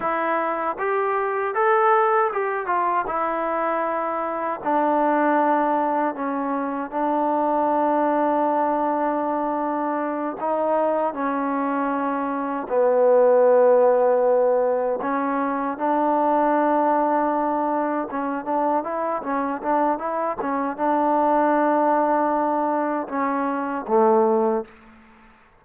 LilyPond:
\new Staff \with { instrumentName = "trombone" } { \time 4/4 \tempo 4 = 78 e'4 g'4 a'4 g'8 f'8 | e'2 d'2 | cis'4 d'2.~ | d'4. dis'4 cis'4.~ |
cis'8 b2. cis'8~ | cis'8 d'2. cis'8 | d'8 e'8 cis'8 d'8 e'8 cis'8 d'4~ | d'2 cis'4 a4 | }